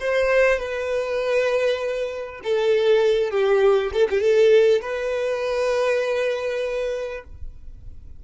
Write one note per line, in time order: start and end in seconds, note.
0.00 0.60 C5
0.60 2.41 B4
2.44 3.31 A4
3.31 3.92 G4
3.93 4.08 A4
4.10 4.21 G4
4.21 4.81 A4
4.82 7.24 B4